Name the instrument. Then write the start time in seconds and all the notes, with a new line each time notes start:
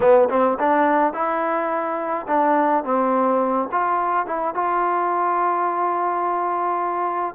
trombone
0.00 B3
0.29 C4
0.59 D4
1.13 E4
2.27 D4
2.84 C4
3.71 F4
4.26 E4
4.54 F4